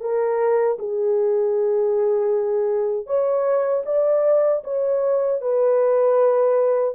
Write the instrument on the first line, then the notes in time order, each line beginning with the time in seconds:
horn
0.00 A#4
0.78 G#4
3.06 C#5
3.85 D5
4.64 C#5
5.41 B4